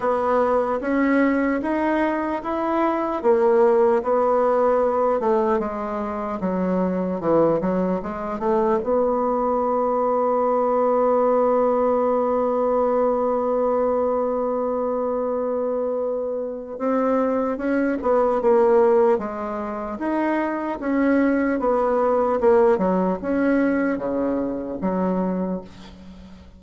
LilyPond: \new Staff \with { instrumentName = "bassoon" } { \time 4/4 \tempo 4 = 75 b4 cis'4 dis'4 e'4 | ais4 b4. a8 gis4 | fis4 e8 fis8 gis8 a8 b4~ | b1~ |
b1~ | b4 c'4 cis'8 b8 ais4 | gis4 dis'4 cis'4 b4 | ais8 fis8 cis'4 cis4 fis4 | }